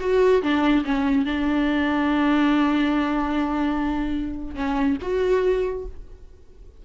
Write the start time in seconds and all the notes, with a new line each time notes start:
0.00 F#4
0.42 D4
0.85 C#4
1.25 D4
4.55 C#4
5.02 F#4